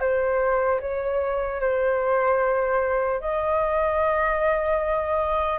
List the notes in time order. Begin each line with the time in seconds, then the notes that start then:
0.00 C5
0.80 C#5
1.60 C5
3.20 D#5